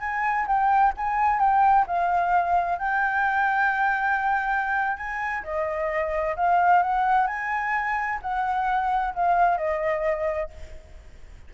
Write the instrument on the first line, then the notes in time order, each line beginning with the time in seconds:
flute
0.00 G#5
0.47 G5
0.97 G#5
1.39 G5
1.87 F5
2.79 G5
4.97 G#5
5.43 D#5
6.36 F5
6.82 F#5
7.27 G#5
8.22 F#5
9.14 F5
9.57 D#5